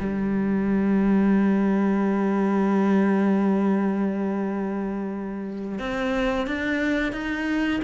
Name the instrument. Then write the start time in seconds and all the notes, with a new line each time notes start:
cello
0.00 G3
5.79 C4
6.46 D4
7.12 D#4